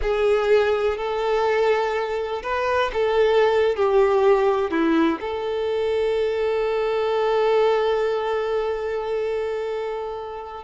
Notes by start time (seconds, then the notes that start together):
0.01 G#4
0.97 A4
2.42 B4
2.93 A4
3.76 G4
4.70 E4
5.20 A4